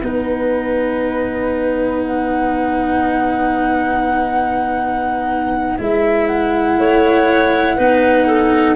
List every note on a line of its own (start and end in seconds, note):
0.00 5.78 B3
0.00 5.78 D#4
0.00 6.75 B4
0.00 2.03 B4
2.03 5.78 F#5
5.78 6.78 G#3
5.78 7.78 E4
5.78 6.27 E5
6.27 8.76 F#5
6.78 7.78 A3
6.78 7.77 C#5
7.77 8.76 B3
7.77 8.76 D#4
7.77 8.27 B4
8.27 8.76 A4